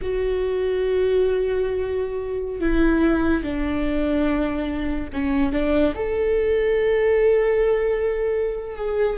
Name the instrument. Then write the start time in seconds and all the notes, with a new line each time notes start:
viola
0.01 F#4
2.60 E4
3.43 D4
5.12 C#4
5.52 D4
5.95 A4
8.76 G#4